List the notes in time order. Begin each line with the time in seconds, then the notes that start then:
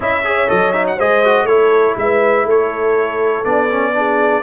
0.00 C#4 E4 D#5 E5
0.24 G#4 C#5
0.48 F#3 A4 D#5
0.72 D#4 E5
0.87 F#5
0.96 G#3 G#4 C5 D#5
1.24 F#4
1.43 A3 E4 A4 C#5
1.97 G#3 B4 E5
2.44 A3 A4 C#5
3.44 B3 D4 D5
3.69 C#4
3.94 D4 G#4